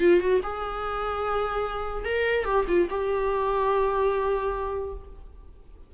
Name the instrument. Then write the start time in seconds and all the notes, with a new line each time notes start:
viola
0.00 F4
0.20 F#4
0.43 G#4
2.05 A#4
2.45 G4
2.68 F4
2.90 G4